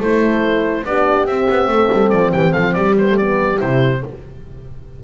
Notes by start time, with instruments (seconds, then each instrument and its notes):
0.00 double bass A3, horn E4 A4, oboe C5
0.85 double bass B3, horn D4 G4, oboe D5
1.26 double bass C4, horn C4, oboe E5
1.50 double bass B3
1.68 double bass A3, horn A4
1.93 double bass G3
2.10 double bass F3, oboe D5
2.33 double bass E3, horn G4, oboe G5
2.53 double bass F3, horn A4, oboe F5
2.74 double bass G3, horn G4, oboe D5
2.98 horn B3, oboe C5
3.09 horn A3
3.17 horn B3, oboe D5
3.58 double bass C3, horn E4, oboe C5